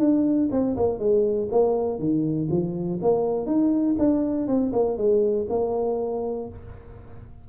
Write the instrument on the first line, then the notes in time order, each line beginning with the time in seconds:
tuba
0.00 D4
0.52 C4
0.77 A#3
1.00 G#3
1.52 A#3
2.00 D#3
2.51 F3
3.02 A#3
3.47 D#4
3.99 D4
4.48 C4
4.73 A#3
4.98 G#3
5.50 A#3